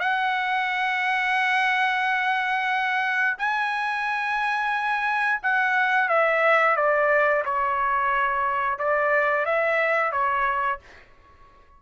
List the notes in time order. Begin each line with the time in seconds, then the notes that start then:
0.00 F#5
3.39 G#5
5.43 F#5
6.09 E5
6.77 D5
7.46 C#5
8.79 D5
9.46 E5
10.12 C#5